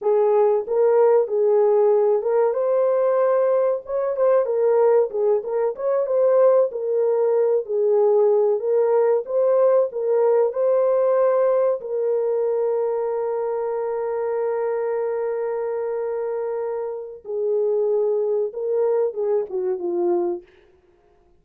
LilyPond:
\new Staff \with { instrumentName = "horn" } { \time 4/4 \tempo 4 = 94 gis'4 ais'4 gis'4. ais'8 | c''2 cis''8 c''8 ais'4 | gis'8 ais'8 cis''8 c''4 ais'4. | gis'4. ais'4 c''4 ais'8~ |
ais'8 c''2 ais'4.~ | ais'1~ | ais'2. gis'4~ | gis'4 ais'4 gis'8 fis'8 f'4 | }